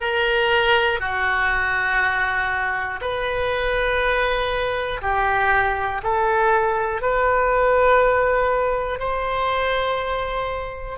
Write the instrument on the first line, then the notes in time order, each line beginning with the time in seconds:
oboe
0.00 A#4
1.00 F#4
3.00 B4
5.01 G4
6.03 A4
7.01 B4
8.99 C5